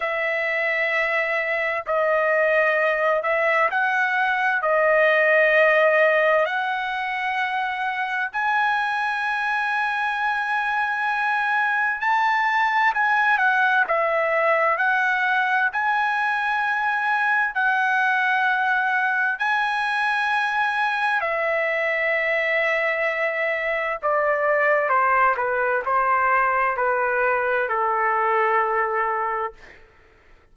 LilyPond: \new Staff \with { instrumentName = "trumpet" } { \time 4/4 \tempo 4 = 65 e''2 dis''4. e''8 | fis''4 dis''2 fis''4~ | fis''4 gis''2.~ | gis''4 a''4 gis''8 fis''8 e''4 |
fis''4 gis''2 fis''4~ | fis''4 gis''2 e''4~ | e''2 d''4 c''8 b'8 | c''4 b'4 a'2 | }